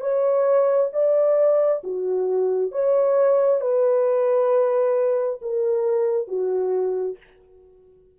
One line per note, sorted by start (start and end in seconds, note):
0.00 0.90 C#5
0.92 1.82 D5
1.83 2.71 F#4
2.71 3.60 C#5
3.60 5.39 B4
5.41 6.27 A#4
6.27 7.17 F#4